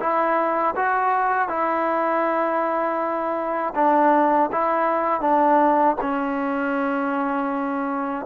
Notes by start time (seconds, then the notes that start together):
0.00 E4
0.76 F#4
1.49 E4
3.75 D4
4.52 E4
5.21 D4
6.01 C#4